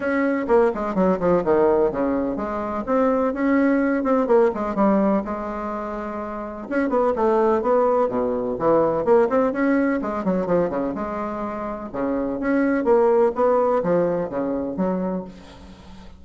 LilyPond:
\new Staff \with { instrumentName = "bassoon" } { \time 4/4 \tempo 4 = 126 cis'4 ais8 gis8 fis8 f8 dis4 | cis4 gis4 c'4 cis'4~ | cis'8 c'8 ais8 gis8 g4 gis4~ | gis2 cis'8 b8 a4 |
b4 b,4 e4 ais8 c'8 | cis'4 gis8 fis8 f8 cis8 gis4~ | gis4 cis4 cis'4 ais4 | b4 f4 cis4 fis4 | }